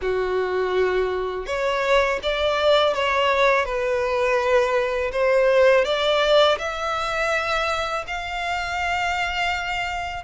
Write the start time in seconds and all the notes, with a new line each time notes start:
0.01 F#4
1.46 C#5
2.22 D5
2.94 C#5
3.65 B4
5.12 C5
5.84 D5
6.58 E5
8.07 F5